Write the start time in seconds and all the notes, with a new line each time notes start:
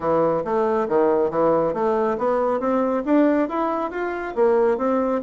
0.00 E3
0.44 A3
0.88 D#3
1.30 E3
1.73 A3
2.17 B3
2.59 C4
3.05 D4
3.48 E4
3.90 F4
4.35 A#3
4.77 C4